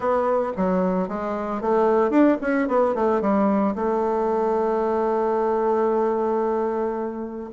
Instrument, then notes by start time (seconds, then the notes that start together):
bassoon
0.00 B3
0.56 F#3
1.08 G#3
1.61 A3
2.10 D4
2.41 C#4
2.68 B3
2.94 A3
3.21 G3
3.75 A3